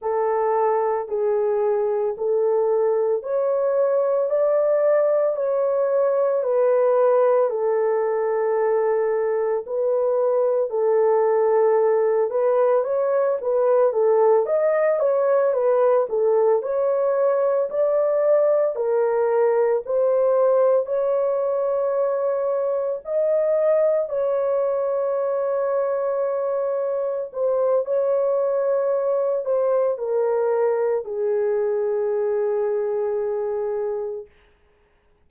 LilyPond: \new Staff \with { instrumentName = "horn" } { \time 4/4 \tempo 4 = 56 a'4 gis'4 a'4 cis''4 | d''4 cis''4 b'4 a'4~ | a'4 b'4 a'4. b'8 | cis''8 b'8 a'8 dis''8 cis''8 b'8 a'8 cis''8~ |
cis''8 d''4 ais'4 c''4 cis''8~ | cis''4. dis''4 cis''4.~ | cis''4. c''8 cis''4. c''8 | ais'4 gis'2. | }